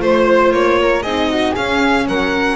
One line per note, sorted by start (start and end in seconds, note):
0.00 0.51 A3
0.00 1.03 F4
0.00 0.52 C5
0.00 0.80 C5
0.51 1.03 A#3
0.51 1.03 C#5
0.81 1.03 A#4
1.03 1.54 C4
1.03 1.57 D#4
1.03 1.28 G#4
1.03 1.54 D#5
1.29 1.52 F#4
1.52 2.56 C#4
1.52 2.08 C#4
1.52 2.04 G#4
1.52 2.07 F5
2.08 2.56 F#3
2.08 2.56 A#4
2.08 2.56 F#5